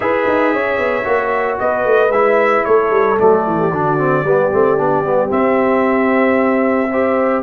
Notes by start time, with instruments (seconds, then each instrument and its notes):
0.00 tuba E4, trombone G#4, horn B4, trumpet E5
0.28 tuba D#4
0.53 tuba C#4, horn C#5
0.77 tuba B3
1.03 tuba A#3, trombone F#4
1.59 tuba B3, horn B4, trumpet D#5
1.84 tuba A3
2.09 tuba G#3, trombone E4, trumpet E5
2.64 tuba A3, horn A4, trumpet C#5
2.90 tuba G3
3.17 tuba F#3, trombone A3, trumpet D5
3.46 tuba E3
3.59 horn G4
3.71 tuba D3, trombone D4, horn F#4
3.98 trombone C4
4.24 tuba G3, trombone B3, horn G4
4.52 tuba A3, trombone C4
4.77 tuba B3, trombone D4
5.03 tuba G3, trombone B3
5.28 trombone C4, tuba C4, trumpet E5
6.90 trombone G4, horn C5